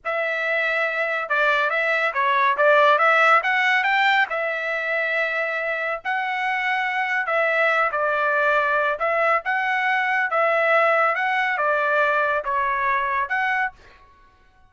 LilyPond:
\new Staff \with { instrumentName = "trumpet" } { \time 4/4 \tempo 4 = 140 e''2. d''4 | e''4 cis''4 d''4 e''4 | fis''4 g''4 e''2~ | e''2 fis''2~ |
fis''4 e''4. d''4.~ | d''4 e''4 fis''2 | e''2 fis''4 d''4~ | d''4 cis''2 fis''4 | }